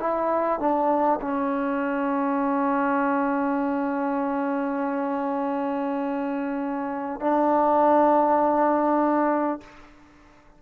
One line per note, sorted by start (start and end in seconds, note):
0.00 0.60 E4
0.60 1.20 D4
1.22 7.21 C#4
7.21 9.61 D4